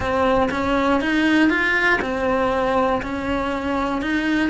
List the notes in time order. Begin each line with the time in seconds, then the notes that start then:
0.00 C4
0.50 C#4
1.00 D#4
1.49 F4
2.01 C4
3.02 C#4
4.01 D#4